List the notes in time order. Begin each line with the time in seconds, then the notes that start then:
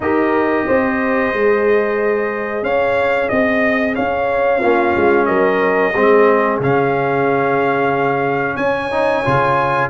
0.00 D#4 G4 A#4 D#5
0.67 C4 C5
1.33 G#3 G#4
2.62 C#4 C#5 F5
3.29 C4 D#5
3.95 C#4 C#5 F5
4.59 A#3 C#4 F4
4.96 G#3
5.25 F#3 A#4 D#5
5.94 G#3 C4 G#4
6.59 C#3 C#4 F5
8.56 C#4 C#5 G#5
8.91 D#4
9.24 C#3 F4